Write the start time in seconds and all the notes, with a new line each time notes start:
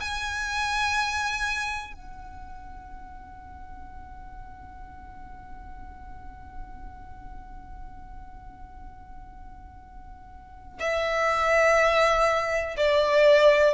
0.00 G#5
1.93 F#5
10.79 E5
12.76 D5